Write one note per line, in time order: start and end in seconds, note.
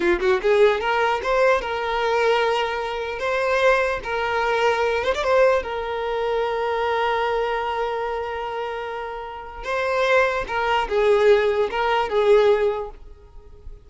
0.00 0.19 F4
0.20 0.40 F#4
0.42 0.80 G#4
0.80 1.20 A#4
1.22 1.61 C5
1.61 3.19 A#4
3.19 4.00 C5
4.03 5.04 A#4
5.04 5.14 C5
5.14 5.23 D5
5.23 5.62 C5
5.62 9.64 A#4
9.64 10.44 C5
10.47 10.88 A#4
10.88 11.69 G#4
11.70 12.09 A#4
12.09 12.89 G#4